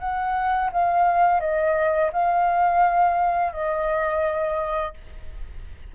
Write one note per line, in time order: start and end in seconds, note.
0.00 0.71 F#5
0.73 1.41 F5
1.41 2.11 D#5
2.13 3.53 F5
3.53 4.94 D#5